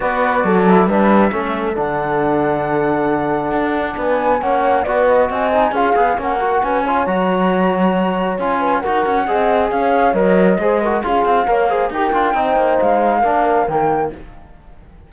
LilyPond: <<
  \new Staff \with { instrumentName = "flute" } { \time 4/4 \tempo 4 = 136 d''2 e''2 | fis''1~ | fis''4 gis''4 fis''4 d''8 dis''8 | gis''4 f''4 fis''4 gis''4 |
ais''2. gis''4 | fis''2 f''4 dis''4~ | dis''4 f''2 g''4~ | g''4 f''2 g''4 | }
  \new Staff \with { instrumentName = "horn" } { \time 4/4 b'4 a'4 b'4 a'4~ | a'1~ | a'4 b'4 cis''4 b'4 | dis''4 gis'4 ais'4 b'8 cis''8~ |
cis''2.~ cis''8 b'8 | ais'4 dis''4 cis''2 | c''8 ais'8 gis'4 cis''8 c''8 ais'4 | c''2 ais'2 | }
  \new Staff \with { instrumentName = "trombone" } { \time 4/4 fis'4. e'8 d'4 cis'4 | d'1~ | d'2 cis'4 fis'4~ | fis'8 dis'8 f'8 gis'8 cis'8 fis'4 f'8 |
fis'2. f'4 | fis'4 gis'2 ais'4 | gis'8 fis'8 f'4 ais'8 gis'8 g'8 f'8 | dis'2 d'4 ais4 | }
  \new Staff \with { instrumentName = "cello" } { \time 4/4 b4 fis4 g4 a4 | d1 | d'4 b4 ais4 b4 | c'4 cis'8 b8 ais4 cis'4 |
fis2. cis'4 | dis'8 cis'8 c'4 cis'4 fis4 | gis4 cis'8 c'8 ais4 dis'8 d'8 | c'8 ais8 gis4 ais4 dis4 | }
>>